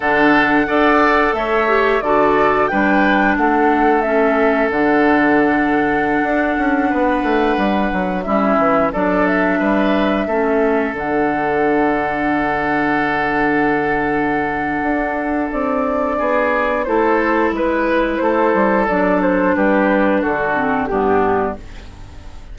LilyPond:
<<
  \new Staff \with { instrumentName = "flute" } { \time 4/4 \tempo 4 = 89 fis''2 e''4 d''4 | g''4 fis''4 e''4 fis''4~ | fis''1~ | fis''16 e''4 d''8 e''2~ e''16~ |
e''16 fis''2.~ fis''8.~ | fis''2. d''4~ | d''4 c''4 b'4 c''4 | d''8 c''8 b'4 a'4 g'4 | }
  \new Staff \with { instrumentName = "oboe" } { \time 4/4 a'4 d''4 cis''4 a'4 | b'4 a'2.~ | a'2~ a'16 b'4.~ b'16~ | b'16 e'4 a'4 b'4 a'8.~ |
a'1~ | a'1 | gis'4 a'4 b'4 a'4~ | a'4 g'4 fis'4 d'4 | }
  \new Staff \with { instrumentName = "clarinet" } { \time 4/4 d'4 a'4. g'8 fis'4 | d'2 cis'4 d'4~ | d'1~ | d'16 cis'4 d'2 cis'8.~ |
cis'16 d'2.~ d'8.~ | d'1~ | d'4 e'2. | d'2~ d'8 c'8 b4 | }
  \new Staff \with { instrumentName = "bassoon" } { \time 4/4 d4 d'4 a4 d4 | g4 a2 d4~ | d4~ d16 d'8 cis'8 b8 a8 g8 fis16~ | fis16 g8 e8 fis4 g4 a8.~ |
a16 d2.~ d8.~ | d2 d'4 c'4 | b4 a4 gis4 a8 g8 | fis4 g4 d4 g,4 | }
>>